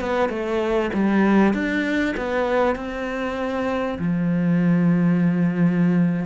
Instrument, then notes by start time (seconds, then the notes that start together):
cello
0.00 B3
0.29 A3
0.94 G3
1.54 D4
2.17 B3
2.76 C4
3.99 F3